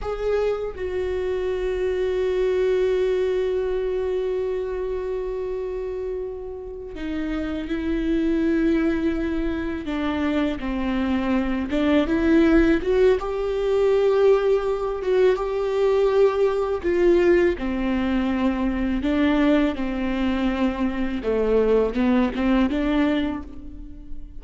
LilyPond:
\new Staff \with { instrumentName = "viola" } { \time 4/4 \tempo 4 = 82 gis'4 fis'2.~ | fis'1~ | fis'4. dis'4 e'4.~ | e'4. d'4 c'4. |
d'8 e'4 fis'8 g'2~ | g'8 fis'8 g'2 f'4 | c'2 d'4 c'4~ | c'4 a4 b8 c'8 d'4 | }